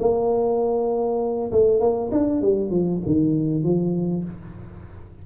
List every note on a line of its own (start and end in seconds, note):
0.00 1.52 A#3
1.52 1.80 A3
1.80 2.10 A#3
2.12 2.42 D4
2.42 2.71 G3
2.71 3.01 F3
3.06 3.64 D#3
3.64 4.25 F3